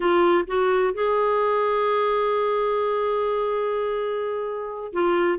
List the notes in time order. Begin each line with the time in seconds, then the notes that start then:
0.00 F4
0.47 F#4
0.94 G#4
4.93 F4